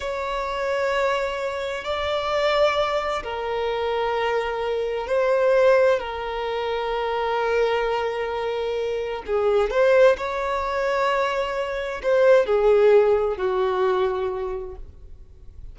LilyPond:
\new Staff \with { instrumentName = "violin" } { \time 4/4 \tempo 4 = 130 cis''1 | d''2. ais'4~ | ais'2. c''4~ | c''4 ais'2.~ |
ais'1 | gis'4 c''4 cis''2~ | cis''2 c''4 gis'4~ | gis'4 fis'2. | }